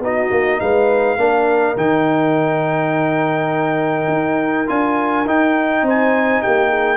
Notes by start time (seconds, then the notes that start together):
0.00 B3 D#4 F#4 D#5
0.31 A#3
0.60 G#3 B4 F5
1.17 A#3 D4 A#4
1.76 D#3 D#4 G5
4.08 D#4
4.67 D4 F4 G#5
5.25 D#4 G5
5.82 C4 C5
5.89 G#5
6.42 A#3 G4 G5
6.69 G#4